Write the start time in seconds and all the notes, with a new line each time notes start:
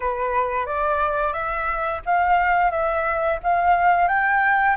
0.00 B4
0.66 D5
1.33 E5
2.05 F5
2.71 E5
3.43 F5
4.08 G5